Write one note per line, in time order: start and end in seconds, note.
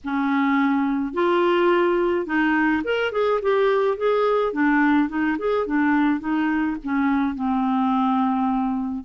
0.04 1.13 C#4
1.13 2.26 F4
2.26 2.82 D#4
2.84 3.12 A#4
3.12 3.40 G#4
3.42 3.97 G4
3.97 4.52 G#4
4.52 5.08 D4
5.08 5.37 D#4
5.38 5.66 G#4
5.66 6.20 D4
6.20 6.76 D#4
6.83 7.35 C#4
7.35 9.04 C4